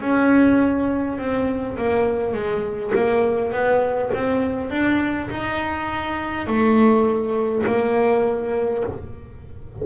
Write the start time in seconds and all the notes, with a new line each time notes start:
0.00 C#4
1.18 C4
1.77 A#3
2.33 G#3
2.94 A#3
3.51 B3
4.13 C4
4.70 D4
5.29 D#4
6.46 A3
7.66 A#3